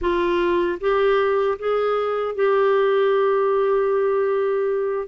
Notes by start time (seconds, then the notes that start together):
0.01 F4
0.80 G4
1.58 G#4
2.35 G4